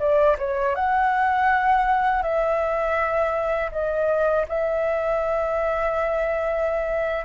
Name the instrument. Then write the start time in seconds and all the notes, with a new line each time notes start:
flute
0.00 D5
0.39 C#5
0.75 F#5
2.23 E5
3.72 D#5
4.49 E5